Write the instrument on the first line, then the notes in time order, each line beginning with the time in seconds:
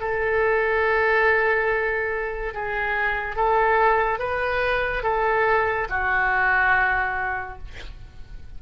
oboe
0.00 A4
2.54 G#4
3.35 A4
4.19 B4
5.03 A4
5.89 F#4